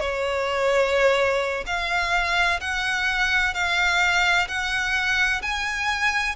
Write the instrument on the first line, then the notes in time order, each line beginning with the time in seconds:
violin
0.00 C#5
1.66 F5
2.60 F#5
3.54 F5
4.47 F#5
5.42 G#5